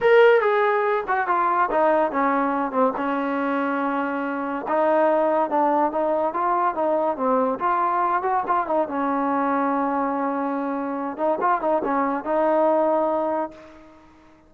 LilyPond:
\new Staff \with { instrumentName = "trombone" } { \time 4/4 \tempo 4 = 142 ais'4 gis'4. fis'8 f'4 | dis'4 cis'4. c'8 cis'4~ | cis'2. dis'4~ | dis'4 d'4 dis'4 f'4 |
dis'4 c'4 f'4. fis'8 | f'8 dis'8 cis'2.~ | cis'2~ cis'8 dis'8 f'8 dis'8 | cis'4 dis'2. | }